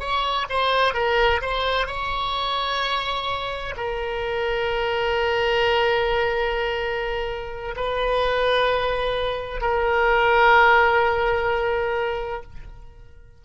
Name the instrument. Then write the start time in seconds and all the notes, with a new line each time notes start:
oboe
0.00 C#5
0.50 C5
0.95 A#4
1.42 C5
1.87 C#5
3.77 A#4
7.76 B4
9.62 A#4